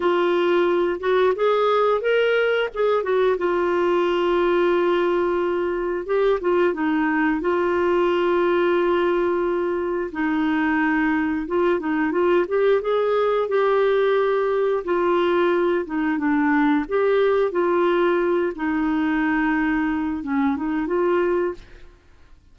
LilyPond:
\new Staff \with { instrumentName = "clarinet" } { \time 4/4 \tempo 4 = 89 f'4. fis'8 gis'4 ais'4 | gis'8 fis'8 f'2.~ | f'4 g'8 f'8 dis'4 f'4~ | f'2. dis'4~ |
dis'4 f'8 dis'8 f'8 g'8 gis'4 | g'2 f'4. dis'8 | d'4 g'4 f'4. dis'8~ | dis'2 cis'8 dis'8 f'4 | }